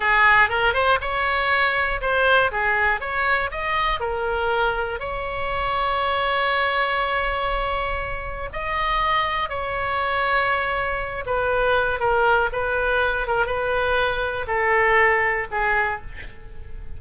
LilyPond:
\new Staff \with { instrumentName = "oboe" } { \time 4/4 \tempo 4 = 120 gis'4 ais'8 c''8 cis''2 | c''4 gis'4 cis''4 dis''4 | ais'2 cis''2~ | cis''1~ |
cis''4 dis''2 cis''4~ | cis''2~ cis''8 b'4. | ais'4 b'4. ais'8 b'4~ | b'4 a'2 gis'4 | }